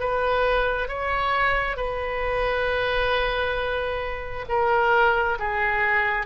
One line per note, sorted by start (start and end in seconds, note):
0.00 0.88 B4
0.88 1.77 C#5
1.77 4.45 B4
4.49 5.38 A#4
5.39 6.26 G#4